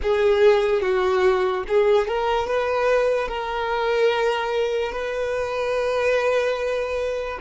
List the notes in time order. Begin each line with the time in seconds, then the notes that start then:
0.02 G#4
0.81 F#4
1.67 G#4
2.07 A#4
2.47 B4
3.28 A#4
4.92 B4